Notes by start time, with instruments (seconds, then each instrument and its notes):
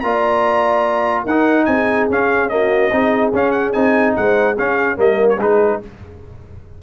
0.00 tuba A#3, trombone F4, horn D5, trumpet A#5
1.23 tuba D#4, horn A#4, trumpet F#5
1.30 trombone D#4
1.65 tuba C4, horn G#4, trumpet G#5
2.09 tuba C#4, trombone C#4, trumpet F5
2.49 trombone A#3, horn F#4, trumpet D#5
2.91 tuba C4, trombone D#4, horn G#4
3.33 tuba C#4, trombone C#4, trumpet F5
3.51 trumpet F#5
3.72 tuba C4, trombone D#4, trumpet G#5
4.16 tuba G#3, horn C5, trumpet F#5
4.55 trombone C#4, tuba C#4, horn G#4, trumpet F5
4.96 tuba G3, trombone A#3, horn A#4, trumpet D#5
5.29 trumpet C#5
5.38 tuba G#3, trombone D#4, horn G#4, trumpet B4